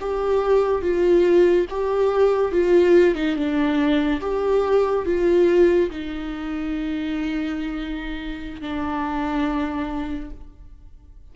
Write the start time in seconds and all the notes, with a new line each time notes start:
0.00 G4
0.81 F4
1.69 G4
2.52 F4
3.15 D#4
3.35 D4
4.21 G4
5.05 F4
5.90 D#4
8.61 D4